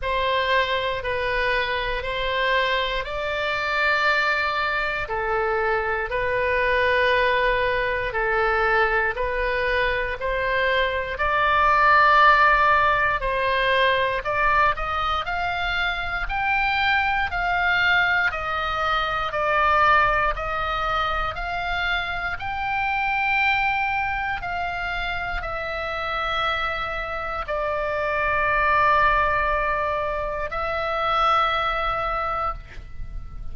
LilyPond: \new Staff \with { instrumentName = "oboe" } { \time 4/4 \tempo 4 = 59 c''4 b'4 c''4 d''4~ | d''4 a'4 b'2 | a'4 b'4 c''4 d''4~ | d''4 c''4 d''8 dis''8 f''4 |
g''4 f''4 dis''4 d''4 | dis''4 f''4 g''2 | f''4 e''2 d''4~ | d''2 e''2 | }